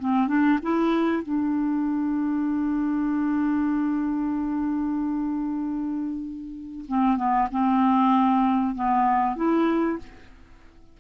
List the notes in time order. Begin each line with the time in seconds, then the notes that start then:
0.00 C4
0.28 D4
0.62 E4
1.23 D4
6.88 C4
7.17 B3
7.51 C4
8.76 B3
9.36 E4